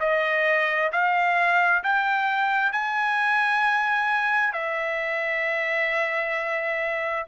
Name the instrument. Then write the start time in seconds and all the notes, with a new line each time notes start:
trumpet
0.00 D#5
0.93 F5
1.84 G5
2.73 G#5
4.53 E5